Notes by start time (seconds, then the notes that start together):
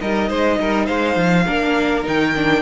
0.00 G3 D#4 A#4 D#5
0.29 G#3 C5
0.59 G3 A#4
0.85 G#3 C5 F5
1.16 F3
1.46 A#3 D4 A#4
2.03 D#3 D#4 G5
2.35 D4